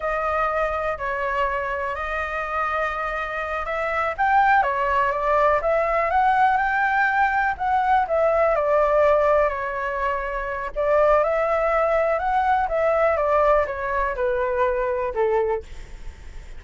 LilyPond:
\new Staff \with { instrumentName = "flute" } { \time 4/4 \tempo 4 = 123 dis''2 cis''2 | dis''2.~ dis''8 e''8~ | e''8 g''4 cis''4 d''4 e''8~ | e''8 fis''4 g''2 fis''8~ |
fis''8 e''4 d''2 cis''8~ | cis''2 d''4 e''4~ | e''4 fis''4 e''4 d''4 | cis''4 b'2 a'4 | }